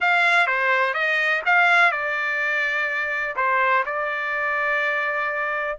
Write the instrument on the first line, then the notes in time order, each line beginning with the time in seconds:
trumpet
0.00 F5
0.47 C5
0.93 D#5
1.45 F5
1.91 D5
3.36 C5
3.85 D5